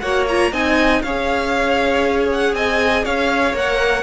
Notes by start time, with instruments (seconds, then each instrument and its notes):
0.00 cello A#3, viola F#4, violin C#5 F#5
0.28 viola F4, violin A#5
0.52 cello C4, viola D#4, violin D#5 G#5
1.02 cello C#4, viola G#4, violin C#5 F5
2.32 violin F#5
2.54 cello C4, violin D#5 G#5
3.04 cello C#4, violin C#5 F5
3.54 cello A#3, viola A#4, violin F#5